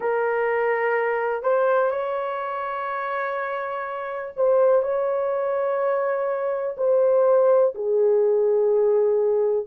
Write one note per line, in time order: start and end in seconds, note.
0.00 1.43 A#4
1.43 1.90 C5
1.90 4.32 C#5
4.36 4.82 C5
4.82 6.76 C#5
6.77 7.74 C5
7.75 9.66 G#4